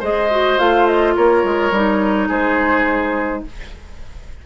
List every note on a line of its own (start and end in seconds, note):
0.00 0.59 G#3
0.00 0.30 G#4
0.00 1.14 C5
0.00 0.59 D#5
0.31 0.58 F#4
0.58 1.17 A3
0.58 1.73 F4
0.58 0.87 F5
0.87 1.15 D#5
1.16 1.44 A#3
1.16 2.29 A#4
1.16 2.30 C#5
1.44 1.71 G#3
1.71 2.29 G3
1.71 3.46 D#4
2.29 3.44 G#3
2.29 3.43 G#4
2.29 3.45 C5